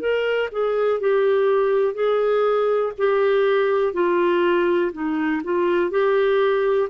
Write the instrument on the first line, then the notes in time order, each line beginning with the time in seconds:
clarinet
0.00 A#4
0.52 G#4
1.01 G4
1.94 G#4
2.98 G4
3.93 F4
4.93 D#4
5.44 F4
5.91 G4